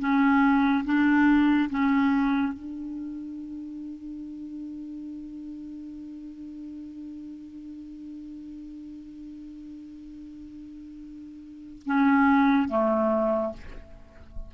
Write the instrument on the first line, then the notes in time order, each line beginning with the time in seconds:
clarinet
0.00 C#4
0.85 D4
1.71 C#4
2.54 D4
11.86 C#4
12.69 A3